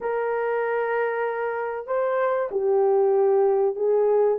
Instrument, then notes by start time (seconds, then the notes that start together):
horn
0.00 A#4
1.86 C5
2.51 G4
3.75 G#4